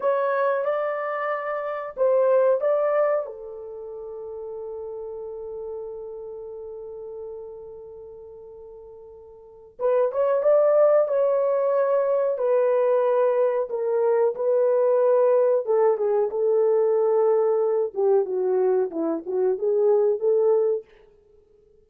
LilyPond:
\new Staff \with { instrumentName = "horn" } { \time 4/4 \tempo 4 = 92 cis''4 d''2 c''4 | d''4 a'2.~ | a'1~ | a'2. b'8 cis''8 |
d''4 cis''2 b'4~ | b'4 ais'4 b'2 | a'8 gis'8 a'2~ a'8 g'8 | fis'4 e'8 fis'8 gis'4 a'4 | }